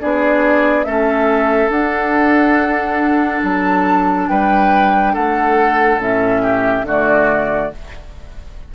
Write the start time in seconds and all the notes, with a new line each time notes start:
0.00 B3 D4 G#4 D5
0.84 A3 C#4 A4 E5
1.69 D4 F#5
3.44 F#3 A5
4.29 G3 B4 G5
5.14 A3 A4 F#5
5.99 A2 C#4 E5
6.43 G4
6.83 D3 A3 F#4 D5